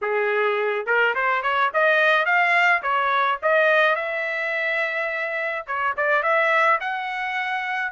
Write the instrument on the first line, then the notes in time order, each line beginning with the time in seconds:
trumpet
0.01 G#4
0.86 A#4
1.14 C5
1.42 C#5
1.73 D#5
2.25 F5
2.82 C#5
3.42 D#5
3.95 E5
5.66 C#5
5.97 D5
6.22 E5
6.80 F#5